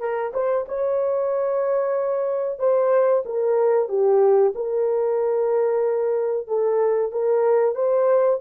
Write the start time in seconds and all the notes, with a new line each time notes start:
0.00 A#4
0.34 C5
0.69 C#5
2.59 C5
3.26 A#4
3.89 G4
4.55 A#4
6.48 A4
7.12 A#4
7.75 C5